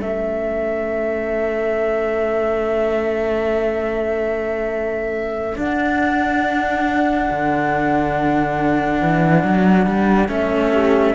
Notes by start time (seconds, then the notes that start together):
0.00 A3 C#4 A4 E5
5.55 D4 F#5
7.30 D3
9.01 E3
9.43 F#3
9.86 G3
10.28 A3 C#4 E5
10.71 G4